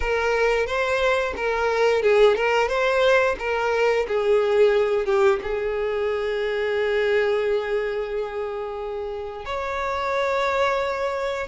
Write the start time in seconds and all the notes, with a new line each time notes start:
0.00 A#4
0.66 C5
1.36 A#4
2.02 G#4
2.36 A#4
2.68 C5
3.39 A#4
4.07 G#4
5.05 G4
5.43 G#4
9.45 C#5